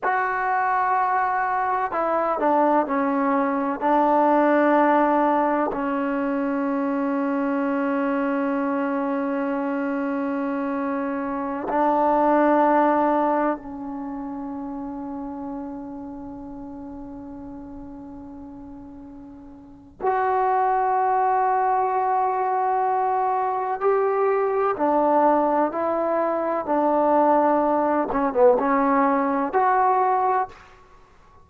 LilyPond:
\new Staff \with { instrumentName = "trombone" } { \time 4/4 \tempo 4 = 63 fis'2 e'8 d'8 cis'4 | d'2 cis'2~ | cis'1~ | cis'16 d'2 cis'4.~ cis'16~ |
cis'1~ | cis'4 fis'2.~ | fis'4 g'4 d'4 e'4 | d'4. cis'16 b16 cis'4 fis'4 | }